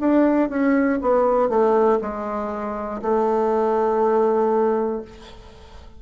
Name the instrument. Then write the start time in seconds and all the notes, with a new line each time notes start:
bassoon
0.00 D4
0.50 C#4
1.02 B3
1.50 A3
2.02 G#3
3.02 A3